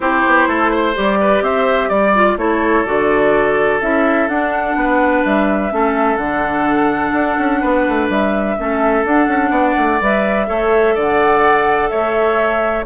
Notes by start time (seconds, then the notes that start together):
0.00 C4 E4 G4 C5
0.26 B3
0.47 A3 A4
0.71 C5
0.94 G3 G4 D5
1.20 B4
1.41 C4 C5 E5
1.89 G3 D5
2.14 F4
2.36 A3 E4 A4 C#5
2.85 D3 F#4 D5
3.80 C#4 E4 E5
4.28 D4 F#5
4.75 B3 B4
5.24 G3 E5
5.70 A3 C#4 A4
6.16 D3 D4 F#5
7.13 D4
7.38 C#4
7.61 B3 B4
7.87 A3
8.09 G3 E5
8.58 A3 C#4 A4
9.04 D4 F#5
9.27 C#4
9.50 B3 D5
9.77 A3
10.01 G3 B4 E5
10.47 A3 A4 C#5
10.94 D3 D5 F#5
11.89 A3 C#5 E5